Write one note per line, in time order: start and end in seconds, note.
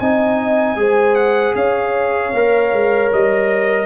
0.00 0.76 C4
0.00 0.77 D#4
0.00 0.79 D#5
0.00 1.15 G#5
0.76 1.54 G#3
0.76 2.33 G#4
0.76 1.57 C5
1.15 1.54 F#5
1.56 2.33 C#4
1.56 3.86 C#5
1.56 3.12 F5
2.34 2.73 A#3
2.34 3.86 A#4
2.73 3.12 G#3
3.13 3.86 G3
3.13 3.86 D#5